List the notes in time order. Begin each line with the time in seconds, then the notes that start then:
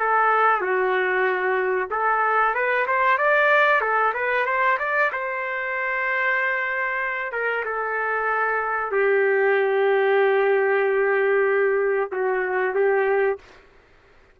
0.00 A4
0.61 F#4
1.91 A4
2.55 B4
2.87 C5
3.18 D5
3.81 A4
4.14 B4
4.46 C5
4.79 D5
5.12 C5
7.32 A#4
7.65 A4
8.92 G4
12.12 F#4
12.75 G4